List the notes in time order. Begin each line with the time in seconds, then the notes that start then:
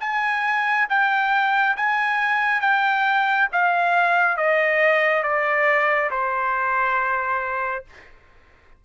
0.00 G#5
0.89 G5
1.76 G#5
2.61 G5
3.52 F5
4.37 D#5
5.23 D5
6.10 C5